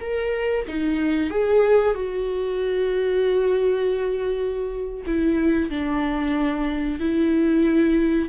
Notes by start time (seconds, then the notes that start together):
0.00 A#4
0.68 D#4
1.30 G#4
1.94 F#4
5.06 E4
5.70 D4
7.00 E4